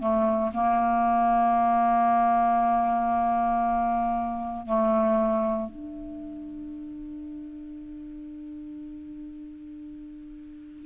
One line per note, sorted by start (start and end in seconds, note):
0.00 0.52 A3
0.54 4.66 A#3
4.66 5.70 A3
5.70 10.86 D4